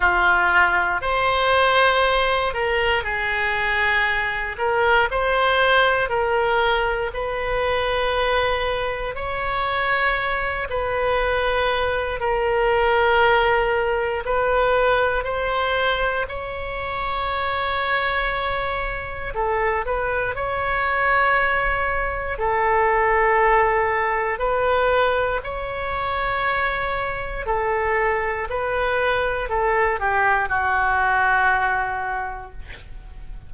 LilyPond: \new Staff \with { instrumentName = "oboe" } { \time 4/4 \tempo 4 = 59 f'4 c''4. ais'8 gis'4~ | gis'8 ais'8 c''4 ais'4 b'4~ | b'4 cis''4. b'4. | ais'2 b'4 c''4 |
cis''2. a'8 b'8 | cis''2 a'2 | b'4 cis''2 a'4 | b'4 a'8 g'8 fis'2 | }